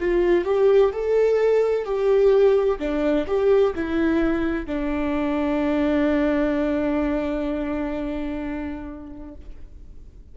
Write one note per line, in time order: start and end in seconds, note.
0.00 0.45 F4
0.45 0.92 G4
0.92 1.85 A4
1.85 2.79 G4
2.80 3.26 D4
3.27 3.74 G4
3.75 4.67 E4
4.67 9.35 D4